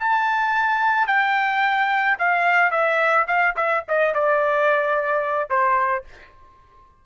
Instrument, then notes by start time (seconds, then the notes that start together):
trumpet
0.00 A5
1.08 G5
2.19 F5
2.71 E5
3.28 F5
3.57 E5
3.89 D#5
4.15 D5
5.50 C5